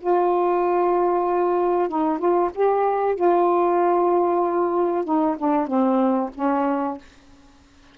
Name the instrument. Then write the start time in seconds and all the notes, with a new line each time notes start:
saxophone
0.00 F4
1.88 D#4
2.18 F4
2.54 G4
3.15 F4
5.04 D#4
5.38 D4
5.66 C4
6.34 C#4